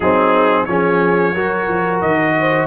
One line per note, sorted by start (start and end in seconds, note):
0.00 0.66 F#3
0.00 0.67 C4
0.00 0.67 D#4
0.00 0.65 G#4
0.65 1.35 F3
0.65 1.35 C#4
0.65 1.34 G#4
0.65 2.00 C#5
1.34 1.68 F#3
1.34 2.67 F#4
1.34 2.35 A#4
1.68 2.01 F3
2.01 2.67 D#3
2.01 2.67 D#5
2.39 2.67 C5